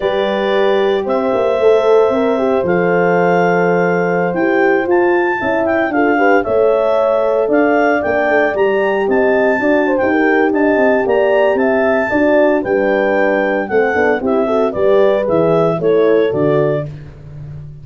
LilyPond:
<<
  \new Staff \with { instrumentName = "clarinet" } { \time 4/4 \tempo 4 = 114 d''2 e''2~ | e''4 f''2.~ | f''16 g''4 a''4. g''8 f''8.~ | f''16 e''2 f''4 g''8.~ |
g''16 ais''4 a''4.~ a''16 g''4 | a''4 ais''4 a''2 | g''2 fis''4 e''4 | d''4 e''4 cis''4 d''4 | }
  \new Staff \with { instrumentName = "horn" } { \time 4/4 b'2 c''2~ | c''1~ | c''2~ c''16 e''4 a'8 b'16~ | b'16 cis''2 d''4.~ d''16~ |
d''4~ d''16 dis''4 d''8 c''8 ais'8. | dis''4 d''4 e''4 d''4 | b'2 a'4 g'8 a'8 | b'2 a'2 | }
  \new Staff \with { instrumentName = "horn" } { \time 4/4 g'2. a'4 | ais'8 g'8 a'2.~ | a'16 g'4 f'4 e'4 f'8 g'16~ | g'16 a'2. d'8.~ |
d'16 g'2 fis'8. g'4~ | g'2. fis'4 | d'2 c'8 d'8 e'8 fis'8 | g'4 gis'4 e'4 fis'4 | }
  \new Staff \with { instrumentName = "tuba" } { \time 4/4 g2 c'8 ais8 a4 | c'4 f2.~ | f16 e'4 f'4 cis'4 d'8.~ | d'16 a2 d'4 ais8 a16~ |
a16 g4 c'4 d'8. dis'4 | d'8 c'8 ais4 c'4 d'4 | g2 a8 b8 c'4 | g4 e4 a4 d4 | }
>>